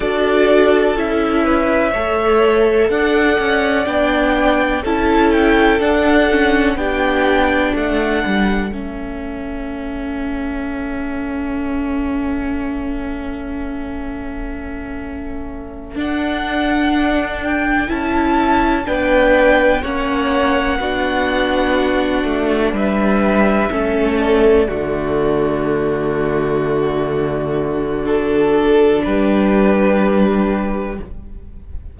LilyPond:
<<
  \new Staff \with { instrumentName = "violin" } { \time 4/4 \tempo 4 = 62 d''4 e''2 fis''4 | g''4 a''8 g''8 fis''4 g''4 | fis''4 e''2.~ | e''1~ |
e''8 fis''4. g''8 a''4 g''8~ | g''8 fis''2. e''8~ | e''4 d''2.~ | d''4 a'4 b'2 | }
  \new Staff \with { instrumentName = "violin" } { \time 4/4 a'4. b'8 cis''4 d''4~ | d''4 a'2 g'4 | a'1~ | a'1~ |
a'2.~ a'8 b'8~ | b'8 cis''4 fis'2 b'8~ | b'8 a'4 fis'2~ fis'8~ | fis'2 g'2 | }
  \new Staff \with { instrumentName = "viola" } { \time 4/4 fis'4 e'4 a'2 | d'4 e'4 d'8 cis'8 d'4~ | d'4 cis'2.~ | cis'1~ |
cis'8 d'2 e'4 d'8~ | d'8 cis'4 d'2~ d'8~ | d'8 cis'4 a2~ a8~ | a4 d'2. | }
  \new Staff \with { instrumentName = "cello" } { \time 4/4 d'4 cis'4 a4 d'8 cis'8 | b4 cis'4 d'4 b4 | a8 g8 a2.~ | a1~ |
a8 d'2 cis'4 b8~ | b8 ais4 b4. a8 g8~ | g8 a4 d2~ d8~ | d2 g2 | }
>>